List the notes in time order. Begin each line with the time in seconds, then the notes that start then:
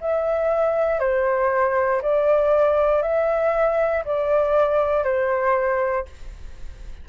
0.00 E5
0.99 C5
2.02 D5
3.02 E5
4.05 D5
5.03 C5